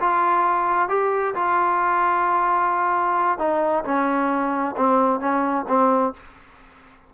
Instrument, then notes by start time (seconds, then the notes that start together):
trombone
0.00 F4
0.89 G4
1.35 F4
3.39 D#4
3.85 C#4
4.77 C4
5.20 C#4
5.68 C4